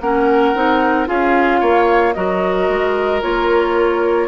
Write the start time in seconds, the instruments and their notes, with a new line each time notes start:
0.00 bassoon A#3, clarinet C#4, oboe A#4, flute F#5
0.55 bassoon C4, clarinet D#4
1.06 bassoon C#4, clarinet F4, oboe G#4, flute F5
1.60 bassoon A#3, oboe C#5
2.13 bassoon F#3, clarinet F#4, oboe A#4, flute D#5
2.69 bassoon G#3
3.21 bassoon A#3, clarinet F4, flute C#5